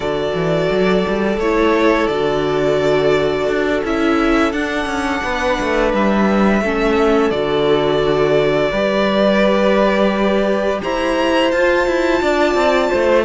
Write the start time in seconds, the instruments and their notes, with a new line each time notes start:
0.00 cello D3, viola F#4, violin A4 D5
0.34 cello E3
0.70 cello F#3
1.08 cello G3
1.37 cello A3, viola E4, violin C#5
2.07 cello D3, viola F#4, violin D5
3.47 cello D4
3.84 cello C#4, viola E4, violin E5
4.52 cello D4, viola D4, violin F#5
4.85 cello C#4
5.23 cello B3, violin B4
5.60 cello A3
5.93 cello G3, violin E5
6.61 cello A3, viola C#4, violin A4
7.30 cello D3, viola F#4, violin D5
8.71 cello G3, viola G4, violin B4
10.83 cello E4, violin C5 A#5
11.51 cello F4, viola F4, violin A5
11.86 cello E4
12.22 cello D4, violin D5
12.54 cello C4
12.90 cello A3, violin C5